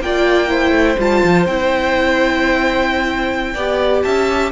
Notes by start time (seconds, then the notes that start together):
0.00 A#3 F4 D5 G5
0.48 E4 C5
0.71 A3
0.98 G3 F4 A5
1.24 F3
1.46 C4 E4 G5
3.53 B3 G4 D5
4.02 C#4 E5 A5